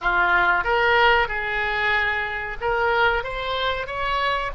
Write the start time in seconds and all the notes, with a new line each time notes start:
0.01 F4
0.64 A#4
1.28 G#4
2.60 A#4
3.23 C5
3.87 C#5